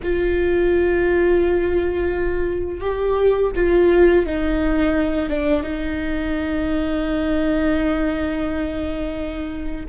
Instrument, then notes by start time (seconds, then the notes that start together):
viola
0.03 F4
2.80 G4
3.55 F4
4.26 D#4
5.29 D4
5.62 D#4